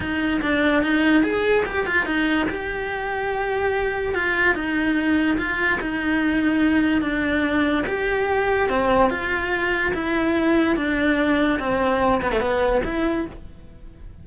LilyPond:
\new Staff \with { instrumentName = "cello" } { \time 4/4 \tempo 4 = 145 dis'4 d'4 dis'4 gis'4 | g'8 f'8 dis'4 g'2~ | g'2 f'4 dis'4~ | dis'4 f'4 dis'2~ |
dis'4 d'2 g'4~ | g'4 c'4 f'2 | e'2 d'2 | c'4. b16 a16 b4 e'4 | }